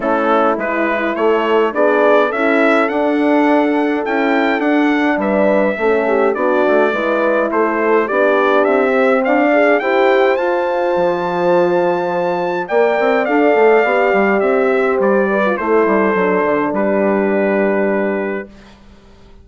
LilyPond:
<<
  \new Staff \with { instrumentName = "trumpet" } { \time 4/4 \tempo 4 = 104 a'4 b'4 cis''4 d''4 | e''4 fis''2 g''4 | fis''4 e''2 d''4~ | d''4 c''4 d''4 e''4 |
f''4 g''4 a''2~ | a''2 g''4 f''4~ | f''4 e''4 d''4 c''4~ | c''4 b'2. | }
  \new Staff \with { instrumentName = "horn" } { \time 4/4 e'2 a'4 gis'4 | a'1~ | a'4 b'4 a'8 g'8 fis'4 | b'4 a'4 g'2 |
d''4 c''2.~ | c''2 d''2~ | d''4. c''4 b'8 a'4~ | a'4 g'2. | }
  \new Staff \with { instrumentName = "horn" } { \time 4/4 cis'4 e'2 d'4 | e'4 d'2 e'4 | d'2 cis'4 d'4 | e'2 d'4. c'8~ |
c'8 gis'8 g'4 f'2~ | f'2 ais'4 a'4 | g'2~ g'8. f'16 e'4 | d'1 | }
  \new Staff \with { instrumentName = "bassoon" } { \time 4/4 a4 gis4 a4 b4 | cis'4 d'2 cis'4 | d'4 g4 a4 b8 a8 | gis4 a4 b4 c'4 |
d'4 e'4 f'4 f4~ | f2 ais8 c'8 d'8 a8 | b8 g8 c'4 g4 a8 g8 | fis8 d8 g2. | }
>>